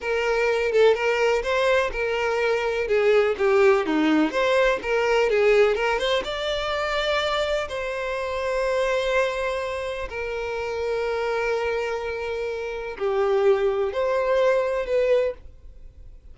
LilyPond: \new Staff \with { instrumentName = "violin" } { \time 4/4 \tempo 4 = 125 ais'4. a'8 ais'4 c''4 | ais'2 gis'4 g'4 | dis'4 c''4 ais'4 gis'4 | ais'8 c''8 d''2. |
c''1~ | c''4 ais'2.~ | ais'2. g'4~ | g'4 c''2 b'4 | }